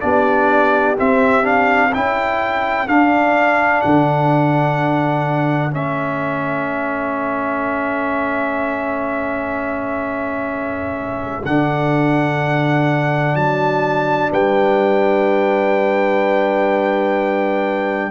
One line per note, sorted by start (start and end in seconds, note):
0.00 0.98 B3
0.00 0.96 D4
0.00 1.89 G4
0.00 0.95 D5
0.97 1.43 C4
0.97 1.95 C4
0.97 1.45 E5
1.43 1.90 D4
1.43 1.93 F5
1.89 2.87 C#4
1.89 2.87 E4
1.89 14.27 A4
1.89 2.88 G5
2.87 5.71 D4
2.87 3.82 D4
2.87 3.81 F5
3.81 5.75 D3
3.81 5.71 F#5
5.71 11.44 A3
5.71 11.42 C#4
5.71 11.45 E5
11.44 13.35 D3
11.44 18.10 D4
11.44 13.35 F#5
13.35 14.30 F#3
13.35 14.31 A5
14.31 18.10 G3
14.31 18.10 B4
14.31 18.10 G5